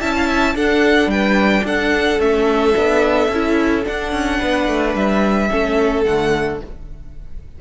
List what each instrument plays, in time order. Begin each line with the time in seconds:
0.00 cello C#4, viola E4, violin E5 A5
0.16 violin F5
0.26 violin E5
0.55 cello D4, viola D4, violin A4 F#5
1.06 cello G3, violin B4 G5
1.64 cello D4, violin A4 F#5
2.19 cello A3, viola C#4, violin E5
2.75 cello B3, viola D4
3.28 cello C#4, viola E4
3.84 viola D4, cello D4, violin F#5
4.12 cello C#4
4.39 cello B3, violin B4
4.67 cello A3
4.94 cello G3, violin E5
5.50 cello A3, viola C#4, violin A4
6.04 cello D3, viola A3, violin F#5